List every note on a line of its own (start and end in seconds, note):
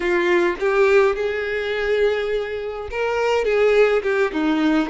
0.00 0.56 F4
0.59 1.15 G4
1.15 2.88 G#4
2.90 3.45 A#4
3.45 4.02 G#4
4.03 4.31 G4
4.32 4.89 D#4